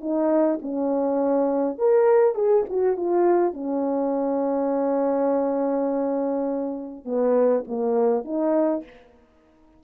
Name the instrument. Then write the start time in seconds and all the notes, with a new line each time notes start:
horn
0.00 D#4
0.61 C#4
1.78 A#4
2.35 G#4
2.69 F#4
2.96 F4
3.53 C#4
7.05 B3
7.67 A#3
8.24 D#4